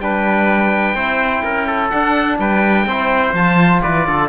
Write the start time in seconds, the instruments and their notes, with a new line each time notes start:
0.00 cello G3, trombone D4, trumpet B4, oboe G5
0.95 cello C4, trombone E4, trumpet C5
1.44 cello C#4, trumpet A#4
1.67 trumpet A4
1.90 trombone D4, cello D4, oboe F#5
2.39 cello G3, trumpet B4, oboe G5
2.86 cello C4, trombone E4, trumpet C5
3.33 cello F3, trombone F4, oboe A5
3.82 cello E3, trumpet B4, oboe D5
4.07 cello D3, trumpet A4